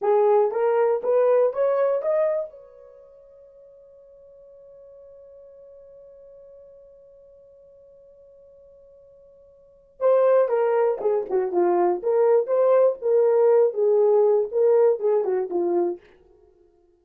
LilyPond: \new Staff \with { instrumentName = "horn" } { \time 4/4 \tempo 4 = 120 gis'4 ais'4 b'4 cis''4 | dis''4 cis''2.~ | cis''1~ | cis''1~ |
cis''1 | c''4 ais'4 gis'8 fis'8 f'4 | ais'4 c''4 ais'4. gis'8~ | gis'4 ais'4 gis'8 fis'8 f'4 | }